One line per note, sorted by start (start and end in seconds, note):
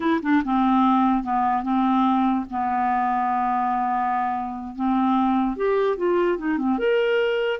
0.00 0.20 E4
0.22 0.42 D4
0.44 1.23 C4
1.23 1.63 B3
1.63 2.45 C4
2.50 4.75 B3
4.75 5.56 C4
5.56 5.97 G4
5.97 6.38 F4
6.38 6.58 D#4
6.58 6.78 C4
6.78 7.60 A#4